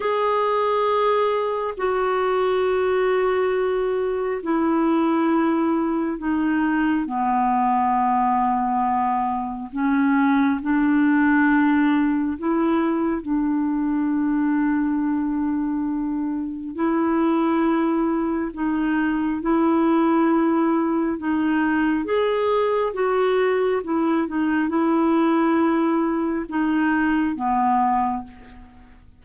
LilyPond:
\new Staff \with { instrumentName = "clarinet" } { \time 4/4 \tempo 4 = 68 gis'2 fis'2~ | fis'4 e'2 dis'4 | b2. cis'4 | d'2 e'4 d'4~ |
d'2. e'4~ | e'4 dis'4 e'2 | dis'4 gis'4 fis'4 e'8 dis'8 | e'2 dis'4 b4 | }